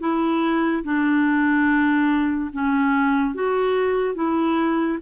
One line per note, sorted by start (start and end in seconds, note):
0.00 0.83 E4
0.83 2.50 D4
2.53 3.34 C#4
3.34 4.15 F#4
4.15 4.98 E4